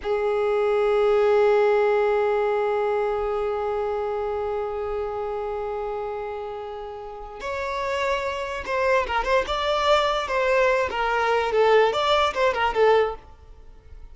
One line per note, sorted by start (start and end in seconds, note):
0.02 7.40 G#4
7.40 8.63 C#5
8.65 9.06 C5
9.06 9.24 A#4
9.24 9.44 C5
9.46 10.27 D5
10.27 10.89 C5
10.90 11.51 A#4
11.52 11.92 A4
11.92 12.33 D5
12.34 12.53 C5
12.53 12.74 A#4
12.74 13.15 A4